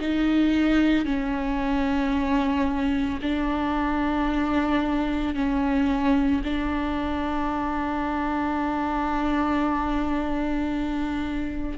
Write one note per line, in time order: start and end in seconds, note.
0.00 1.05 D#4
1.05 3.19 C#4
3.21 5.34 D4
5.34 6.41 C#4
6.44 11.78 D4